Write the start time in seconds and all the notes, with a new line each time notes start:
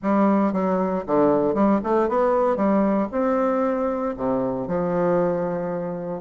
0.02 G3
0.52 F#3
1.06 D3
1.54 G3
1.83 A3
2.08 B3
2.56 G3
3.11 C4
4.16 C3
4.67 F3